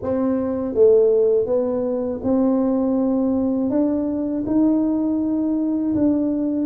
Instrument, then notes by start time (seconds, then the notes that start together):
tuba
0.02 C4
0.74 A3
1.46 B3
2.23 C4
3.69 D4
4.46 D#4
5.95 D4